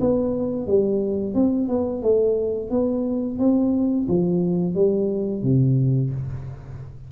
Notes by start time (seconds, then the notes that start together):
0.00 B3
0.66 G3
1.34 C4
1.68 B3
2.02 A3
2.70 B3
3.38 C4
4.08 F3
4.74 G3
5.42 C3